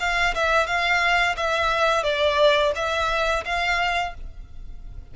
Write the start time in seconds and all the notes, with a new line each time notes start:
0.00 F5
0.35 E5
0.67 F5
1.37 E5
2.03 D5
2.76 E5
3.45 F5